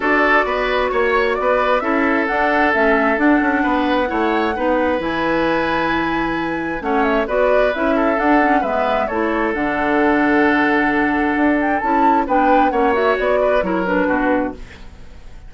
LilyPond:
<<
  \new Staff \with { instrumentName = "flute" } { \time 4/4 \tempo 4 = 132 d''2 cis''4 d''4 | e''4 fis''4 e''4 fis''4~ | fis''2. gis''4~ | gis''2. fis''8 e''8 |
d''4 e''4 fis''4 e''4 | cis''4 fis''2.~ | fis''4. g''8 a''4 g''4 | fis''8 e''8 d''4 cis''8 b'4. | }
  \new Staff \with { instrumentName = "oboe" } { \time 4/4 a'4 b'4 cis''4 b'4 | a'1 | b'4 cis''4 b'2~ | b'2. cis''4 |
b'4. a'4. b'4 | a'1~ | a'2. b'4 | cis''4. b'8 ais'4 fis'4 | }
  \new Staff \with { instrumentName = "clarinet" } { \time 4/4 fis'1 | e'4 d'4 cis'4 d'4~ | d'4 e'4 dis'4 e'4~ | e'2. cis'4 |
fis'4 e'4 d'8 cis'8 b4 | e'4 d'2.~ | d'2 e'4 d'4 | cis'8 fis'4. e'8 d'4. | }
  \new Staff \with { instrumentName = "bassoon" } { \time 4/4 d'4 b4 ais4 b4 | cis'4 d'4 a4 d'8 cis'8 | b4 a4 b4 e4~ | e2. a4 |
b4 cis'4 d'4 gis4 | a4 d2.~ | d4 d'4 cis'4 b4 | ais4 b4 fis4 b,4 | }
>>